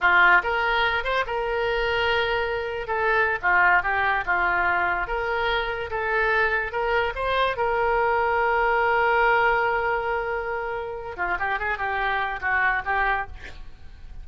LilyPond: \new Staff \with { instrumentName = "oboe" } { \time 4/4 \tempo 4 = 145 f'4 ais'4. c''8 ais'4~ | ais'2. a'4~ | a'16 f'4 g'4 f'4.~ f'16~ | f'16 ais'2 a'4.~ a'16~ |
a'16 ais'4 c''4 ais'4.~ ais'16~ | ais'1~ | ais'2. f'8 g'8 | gis'8 g'4. fis'4 g'4 | }